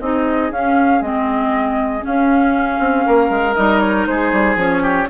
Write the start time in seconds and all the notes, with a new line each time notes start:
0.00 C4 D#4 G#4 D#5
0.51 C#4 F5
1.01 G#3 C4 D#5
2.00 C#4 F5
2.07 C#4
2.79 C4
3.06 A#3 A#4
3.29 G#3
3.54 G3 D#4 D#5
3.80 C#5
4.06 G#3 G#4 C5
4.32 G3
4.55 F3 C#4 C#5
4.82 G4